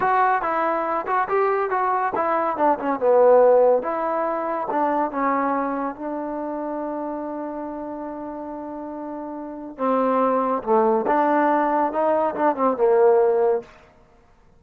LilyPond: \new Staff \with { instrumentName = "trombone" } { \time 4/4 \tempo 4 = 141 fis'4 e'4. fis'8 g'4 | fis'4 e'4 d'8 cis'8 b4~ | b4 e'2 d'4 | cis'2 d'2~ |
d'1~ | d'2. c'4~ | c'4 a4 d'2 | dis'4 d'8 c'8 ais2 | }